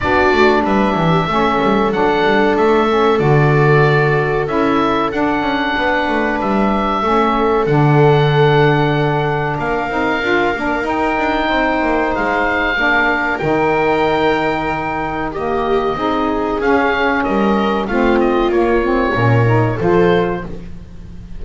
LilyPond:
<<
  \new Staff \with { instrumentName = "oboe" } { \time 4/4 \tempo 4 = 94 d''4 e''2 fis''4 | e''4 d''2 e''4 | fis''2 e''2 | fis''2. f''4~ |
f''4 g''2 f''4~ | f''4 g''2. | dis''2 f''4 dis''4 | f''8 dis''8 cis''2 c''4 | }
  \new Staff \with { instrumentName = "viola" } { \time 4/4 fis'4 b'8 g'8 a'2~ | a'1~ | a'4 b'2 a'4~ | a'2. ais'4~ |
ais'2 c''2 | ais'1 | g'4 gis'2 ais'4 | f'2 ais'4 a'4 | }
  \new Staff \with { instrumentName = "saxophone" } { \time 4/4 d'2 cis'4 d'4~ | d'8 cis'8 fis'2 e'4 | d'2. cis'4 | d'2.~ d'8 dis'8 |
f'8 d'8 dis'2. | d'4 dis'2. | ais4 dis'4 cis'2 | c'4 ais8 c'8 cis'8 dis'8 f'4 | }
  \new Staff \with { instrumentName = "double bass" } { \time 4/4 b8 a8 g8 e8 a8 g8 fis8 g8 | a4 d2 cis'4 | d'8 cis'8 b8 a8 g4 a4 | d2. ais8 c'8 |
d'8 ais8 dis'8 d'8 c'8 ais8 gis4 | ais4 dis2.~ | dis4 c'4 cis'4 g4 | a4 ais4 ais,4 f4 | }
>>